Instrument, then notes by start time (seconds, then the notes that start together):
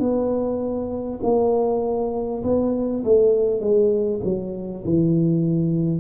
tuba
0.00 B3
1.23 A#3
2.43 B3
3.04 A3
3.61 G#3
4.24 F#3
4.85 E3